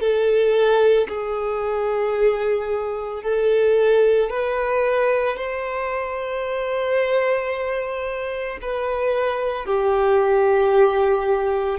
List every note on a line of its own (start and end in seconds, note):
0.00 1.07 A4
1.09 3.23 G#4
3.23 4.30 A4
4.30 5.37 B4
5.37 8.58 C5
8.62 9.65 B4
9.65 11.79 G4